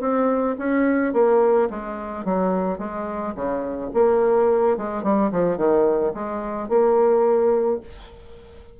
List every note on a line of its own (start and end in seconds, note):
0.00 0.56 C4
0.58 1.13 C#4
1.13 1.68 A#3
1.69 2.24 G#3
2.24 2.78 F#3
2.78 3.34 G#3
3.35 3.90 C#3
3.94 4.77 A#3
4.77 5.03 G#3
5.03 5.31 G3
5.31 5.57 F3
5.57 6.12 D#3
6.14 6.69 G#3
6.69 7.80 A#3